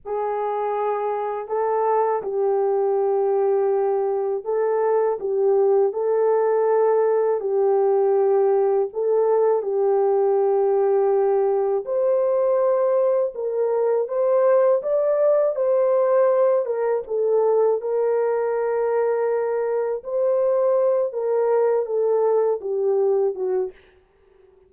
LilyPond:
\new Staff \with { instrumentName = "horn" } { \time 4/4 \tempo 4 = 81 gis'2 a'4 g'4~ | g'2 a'4 g'4 | a'2 g'2 | a'4 g'2. |
c''2 ais'4 c''4 | d''4 c''4. ais'8 a'4 | ais'2. c''4~ | c''8 ais'4 a'4 g'4 fis'8 | }